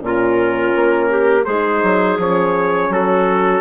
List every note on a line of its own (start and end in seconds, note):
0.00 0.74 A#2
0.00 1.45 C#4
0.00 1.10 F4
0.00 1.45 A#4
0.75 1.47 A#3
1.10 1.46 G4
1.45 1.83 G#3
1.45 2.20 D#4
1.45 2.91 G#4
1.45 2.18 C5
1.84 2.18 F#3
2.18 2.90 F3
2.18 3.61 C#4
2.18 2.93 C#5
2.90 3.61 F#3
2.90 3.61 F#4
2.90 3.61 A4